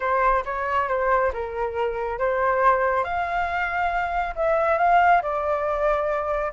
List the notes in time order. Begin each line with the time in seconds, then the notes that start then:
0.00 C5
0.45 C#5
0.88 C5
1.33 A#4
2.18 C5
3.03 F5
4.35 E5
4.78 F5
5.22 D5